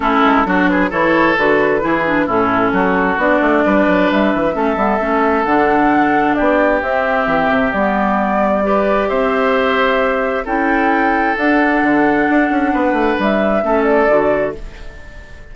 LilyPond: <<
  \new Staff \with { instrumentName = "flute" } { \time 4/4 \tempo 4 = 132 a'4. b'8 cis''4 b'4~ | b'4 a'2 d''4~ | d''4 e''2. | fis''2 d''4 e''4~ |
e''4 d''2. | e''2. g''4~ | g''4 fis''2.~ | fis''4 e''4. d''4. | }
  \new Staff \with { instrumentName = "oboe" } { \time 4/4 e'4 fis'8 gis'8 a'2 | gis'4 e'4 fis'2 | b'2 a'2~ | a'2 g'2~ |
g'2. b'4 | c''2. a'4~ | a'1 | b'2 a'2 | }
  \new Staff \with { instrumentName = "clarinet" } { \time 4/4 cis'4 d'4 e'4 fis'4 | e'8 d'8 cis'2 d'4~ | d'2 cis'8 b8 cis'4 | d'2. c'4~ |
c'4 b2 g'4~ | g'2. e'4~ | e'4 d'2.~ | d'2 cis'4 fis'4 | }
  \new Staff \with { instrumentName = "bassoon" } { \time 4/4 a8 gis8 fis4 e4 d4 | e4 a,4 fis4 b8 a8 | g8 fis8 g8 e8 a8 g8 a4 | d2 b4 c'4 |
e8 c8 g2. | c'2. cis'4~ | cis'4 d'4 d4 d'8 cis'8 | b8 a8 g4 a4 d4 | }
>>